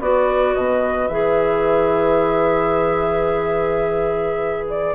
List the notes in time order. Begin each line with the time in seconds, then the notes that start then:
0.00 B3 F#4 B4 D5
0.54 B2 D#5
1.08 E3 G#4 E5
4.69 D5